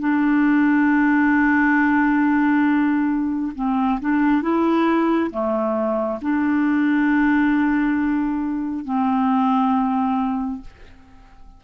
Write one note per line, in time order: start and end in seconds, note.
0.00 3.53 D4
3.56 4.00 C4
4.01 4.42 D4
4.42 5.31 E4
5.31 6.20 A3
6.22 8.86 D4
8.86 10.62 C4